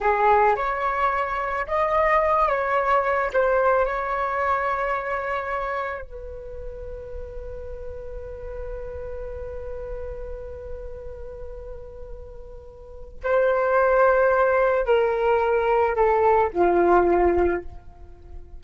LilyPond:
\new Staff \with { instrumentName = "flute" } { \time 4/4 \tempo 4 = 109 gis'4 cis''2 dis''4~ | dis''8 cis''4. c''4 cis''4~ | cis''2. b'4~ | b'1~ |
b'1~ | b'1 | c''2. ais'4~ | ais'4 a'4 f'2 | }